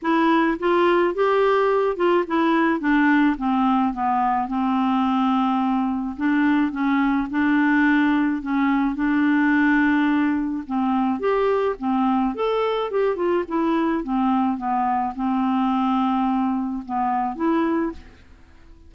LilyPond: \new Staff \with { instrumentName = "clarinet" } { \time 4/4 \tempo 4 = 107 e'4 f'4 g'4. f'8 | e'4 d'4 c'4 b4 | c'2. d'4 | cis'4 d'2 cis'4 |
d'2. c'4 | g'4 c'4 a'4 g'8 f'8 | e'4 c'4 b4 c'4~ | c'2 b4 e'4 | }